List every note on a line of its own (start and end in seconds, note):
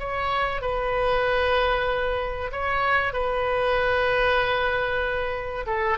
0.00 0.62 C#5
0.62 2.51 B4
2.52 3.14 C#5
3.14 5.66 B4
5.67 5.98 A4